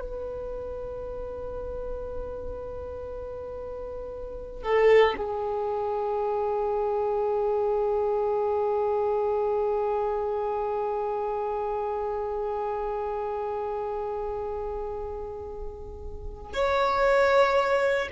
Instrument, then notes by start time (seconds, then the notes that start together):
violin
0.00 B4
4.63 A4
5.17 G#4
16.53 C#5